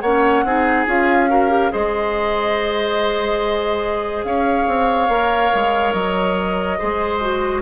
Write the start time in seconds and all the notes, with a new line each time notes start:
0.00 A#3 C#4 C#5 F#5
0.43 C4 D#4 G#4
0.86 C#4 F4 F5
1.28 F#4 A#4
1.49 G4
1.70 G#3 G#4 C5 D#5
4.23 C#4 C#5 F5
4.67 C4
5.08 A#3 A#4
5.54 G#3
5.93 F#3 D#5
6.78 G#3 G#4 C5
7.20 F#4